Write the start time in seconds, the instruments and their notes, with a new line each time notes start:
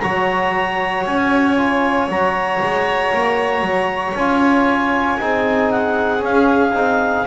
0.00 double bass F#3, trombone F#4, violin C#5, clarinet A#5
1.06 double bass C#4, clarinet G#5
1.57 trombone F4
2.09 double bass F#3, trombone F#4, clarinet A#5
2.62 double bass G#3
3.14 double bass A#3
3.61 double bass F#3
4.14 double bass C#4, trombone F4, clarinet G#5
5.19 double bass C4, trombone D#4, violin G#4
5.71 clarinet F#5
6.19 trombone C#4, double bass C#4, clarinet F5
6.73 double bass C4, trombone D#4